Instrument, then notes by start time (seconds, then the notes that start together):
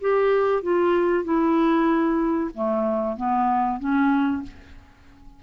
clarinet
0.00 G4
0.62 F4
1.24 E4
2.54 A3
3.16 B3
3.79 C#4